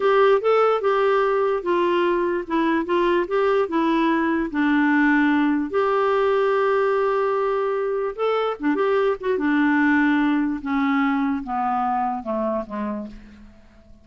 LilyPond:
\new Staff \with { instrumentName = "clarinet" } { \time 4/4 \tempo 4 = 147 g'4 a'4 g'2 | f'2 e'4 f'4 | g'4 e'2 d'4~ | d'2 g'2~ |
g'1 | a'4 d'8 g'4 fis'8 d'4~ | d'2 cis'2 | b2 a4 gis4 | }